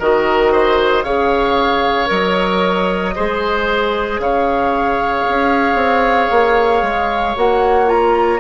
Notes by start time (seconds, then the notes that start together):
0.00 D#3 F#4 A#4 D#5
0.53 C5
1.04 C#3 G#4 C#5 F5
2.07 F#3 A#4 D#5
3.16 G#3 G#4 C5
4.20 C#3 C#5 F5
5.29 C#4
5.75 C4
6.31 A#3
6.83 G#3
7.36 A#3 F#4 F#5
7.86 F4 A#5